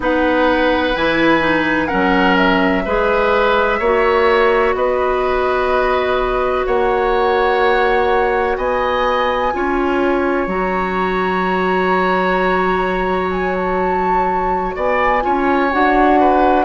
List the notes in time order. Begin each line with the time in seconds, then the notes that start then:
0.00 B3 D#4 B4 F#5
0.95 E3 E4 G#5
1.40 D#4
1.87 F#3 C#4 A#4 F#5
2.36 E5
2.85 G#3 G#4 B4
3.79 A#3 F#4 C#5
4.74 B3 B4 D#5
6.66 A#3 C#5 F#5
8.57 B3 D#5 G#5
9.53 C#4 F4 C#5
10.46 F#3 F#4 A#5
13.31 G#5
13.55 A5
14.75 B3 D5 G#5
15.21 C#4 F4 C#5
15.71 D4 F#4 F#5
16.20 B4